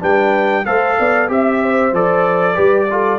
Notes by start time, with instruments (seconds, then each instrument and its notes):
0.00 tuba G3, trombone D4, horn B4, trumpet G5
0.66 tuba A3, trombone A4, horn C5, trumpet F5
0.99 tuba B3, horn D5
1.28 tuba C4, trombone G4, trumpet E5, horn E5
1.63 horn C5
1.92 tuba F3, trombone A4, trumpet D5
2.55 tuba G3, trombone G4, horn B4
2.91 trombone F4, horn A4